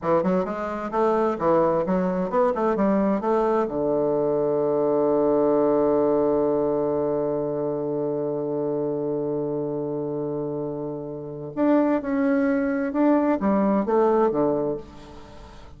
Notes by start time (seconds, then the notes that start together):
0.02 E3
0.23 F#3
0.44 G#3
0.91 A3
1.38 E3
1.86 F#3
2.30 B3
2.54 A3
2.76 G3
3.21 A3
3.67 D3
11.55 D4
12.01 C#4
12.92 D4
13.40 G3
13.85 A3
14.30 D3